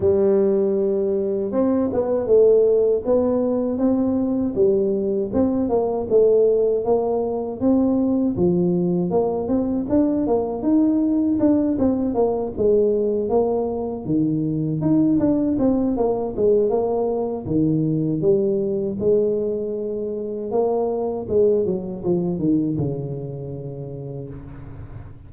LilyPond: \new Staff \with { instrumentName = "tuba" } { \time 4/4 \tempo 4 = 79 g2 c'8 b8 a4 | b4 c'4 g4 c'8 ais8 | a4 ais4 c'4 f4 | ais8 c'8 d'8 ais8 dis'4 d'8 c'8 |
ais8 gis4 ais4 dis4 dis'8 | d'8 c'8 ais8 gis8 ais4 dis4 | g4 gis2 ais4 | gis8 fis8 f8 dis8 cis2 | }